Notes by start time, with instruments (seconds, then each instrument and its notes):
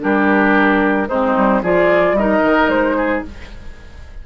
0.00 bassoon G3, clarinet D4, oboe G4, flute A#4
1.08 bassoon G#3, clarinet C4, oboe D#4, flute C5
1.36 bassoon G3
1.62 bassoon F3, clarinet F4, oboe G#4, flute D5
2.12 bassoon G3, flute D#5
2.19 clarinet D#4, oboe A#4
2.44 bassoon D#3
2.68 bassoon G#3, flute C5
2.97 oboe G#4